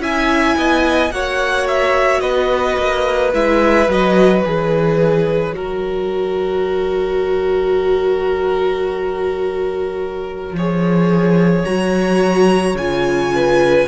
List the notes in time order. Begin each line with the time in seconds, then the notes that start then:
0.00 C#4 E4 E5 G#5
0.58 B3 D#5
1.11 A#3 F#4 C#5 F#5
1.68 E5
2.20 B3 B4 D#5
2.78 A#3
3.33 G#3 E4 E5
3.88 F#3 F#4 D#5
4.44 E3 G#4 C#5
5.54 F#3 F#4 A#4
10.53 F3 G#4 C#5
11.65 F#3 F#4 A#5
12.75 C#3 F4 G#5
13.35 B4